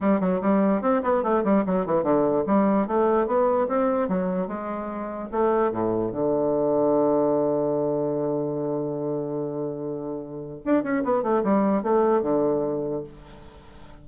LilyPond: \new Staff \with { instrumentName = "bassoon" } { \time 4/4 \tempo 4 = 147 g8 fis8 g4 c'8 b8 a8 g8 | fis8 e8 d4 g4 a4 | b4 c'4 fis4 gis4~ | gis4 a4 a,4 d4~ |
d1~ | d1~ | d2 d'8 cis'8 b8 a8 | g4 a4 d2 | }